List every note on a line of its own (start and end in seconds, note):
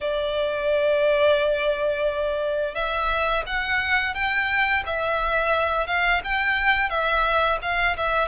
0.00 2.74 D5
2.74 3.43 E5
3.46 4.14 F#5
4.14 4.83 G5
4.86 5.87 E5
5.87 6.21 F5
6.24 6.89 G5
6.89 7.58 E5
7.61 7.96 F5
7.96 8.28 E5